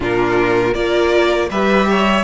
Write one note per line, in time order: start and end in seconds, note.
0.00 0.75 A#2
0.00 0.73 D4
0.00 0.73 F4
0.00 0.74 A#4
0.73 1.50 A#3
0.73 1.49 F4
0.73 1.48 A#4
0.73 1.49 D5
1.50 2.24 G3
1.50 2.24 G4
1.50 1.87 B4
1.50 2.24 E5
1.90 2.24 C#5